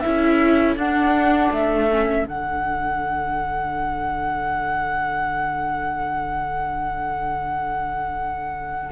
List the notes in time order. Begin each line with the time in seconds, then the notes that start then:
0.00 C#4 E4 A4 E5
0.76 D4 F#5
1.51 A3 E5
1.91 C#4
2.24 D3 D4 F#5